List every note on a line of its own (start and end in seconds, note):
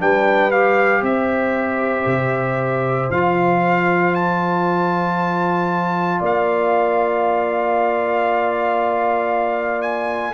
0.00 1.02 G3
0.00 0.52 D4
0.00 1.03 B4
0.00 0.51 G5
0.51 3.11 G4
0.51 1.03 F5
1.02 2.06 C4
1.02 6.20 C5
1.02 3.11 E5
2.06 3.10 C3
3.10 6.21 F3
3.10 10.35 F4
3.10 4.15 F5
4.15 6.22 A5
6.20 10.35 A#3
6.20 10.33 D5
6.26 9.82 F5
9.82 10.34 G#5